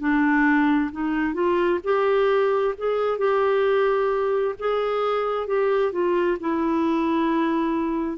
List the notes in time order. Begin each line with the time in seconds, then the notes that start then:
0.00 D4
0.93 D#4
1.34 F4
1.84 G4
2.78 G#4
3.19 G4
4.60 G#4
5.48 G4
5.93 F4
6.40 E4